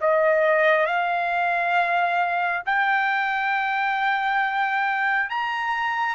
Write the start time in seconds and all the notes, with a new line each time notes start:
0.00 D#5
0.86 F5
2.66 G5
5.29 A#5